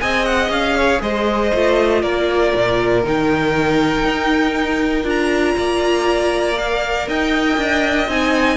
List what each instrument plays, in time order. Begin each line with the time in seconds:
0.00 cello C4, viola G#4, violin D#5 G#5
0.25 violin F#5
0.49 cello C#4, violin F5
0.76 violin C#5
1.01 cello G#3, violin C5 D#5
1.53 cello A3, viola F4
2.01 cello A#3, violin A#4 D5
2.54 cello A#2
3.03 cello D#3, viola D#4, violin G5
4.04 cello D#4
5.03 cello D4, viola F4, violin A#5
5.57 cello A#3, violin D5
6.57 viola A#4, violin F5
7.07 cello D#4, violin D#5 G5
7.57 cello D4
8.07 cello C4, viola D#4, violin G#5